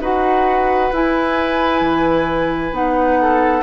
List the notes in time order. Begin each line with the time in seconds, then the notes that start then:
0.00 D#4 F#4 B4 F#5
0.93 E4 G#5
1.81 E3
2.72 B3 D#4 F#5
3.21 A4